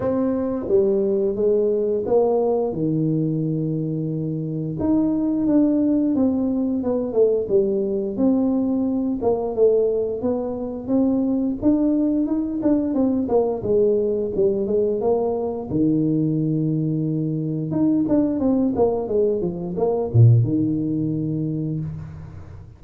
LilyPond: \new Staff \with { instrumentName = "tuba" } { \time 4/4 \tempo 4 = 88 c'4 g4 gis4 ais4 | dis2. dis'4 | d'4 c'4 b8 a8 g4 | c'4. ais8 a4 b4 |
c'4 d'4 dis'8 d'8 c'8 ais8 | gis4 g8 gis8 ais4 dis4~ | dis2 dis'8 d'8 c'8 ais8 | gis8 f8 ais8 ais,8 dis2 | }